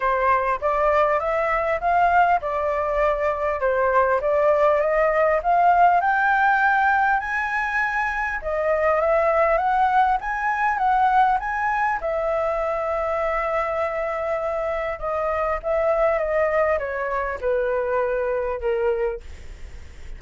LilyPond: \new Staff \with { instrumentName = "flute" } { \time 4/4 \tempo 4 = 100 c''4 d''4 e''4 f''4 | d''2 c''4 d''4 | dis''4 f''4 g''2 | gis''2 dis''4 e''4 |
fis''4 gis''4 fis''4 gis''4 | e''1~ | e''4 dis''4 e''4 dis''4 | cis''4 b'2 ais'4 | }